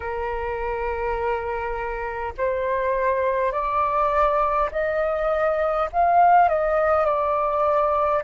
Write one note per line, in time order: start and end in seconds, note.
0.00 2.33 A#4
2.37 3.51 C5
3.51 4.69 D5
4.71 5.89 D#5
5.92 6.48 F5
6.48 7.05 D#5
7.05 8.22 D5